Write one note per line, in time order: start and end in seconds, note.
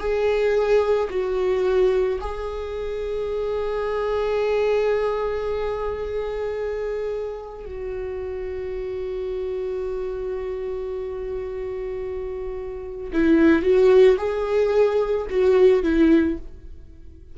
0.00 1.09 G#4
1.11 2.20 F#4
2.21 7.66 G#4
7.66 13.11 F#4
13.13 13.63 E4
13.63 14.17 F#4
14.18 15.27 G#4
15.30 15.83 F#4
15.83 16.38 E4